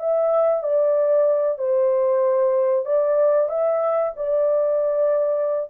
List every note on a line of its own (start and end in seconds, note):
0.00 0.64 E5
0.64 1.59 D5
1.59 2.86 C5
2.86 3.49 D5
3.49 4.13 E5
4.17 5.70 D5